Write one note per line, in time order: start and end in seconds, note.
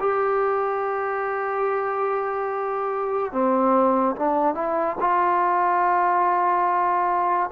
0.00 3.33 G4
3.33 4.16 C4
4.16 4.55 D4
4.55 4.96 E4
5.00 7.50 F4